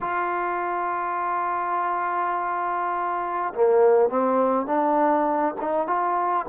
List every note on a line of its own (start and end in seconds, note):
0.00 3.53 F4
3.54 4.09 A#3
4.09 4.66 C4
4.66 5.54 D4
5.60 5.87 D#4
5.87 6.45 F4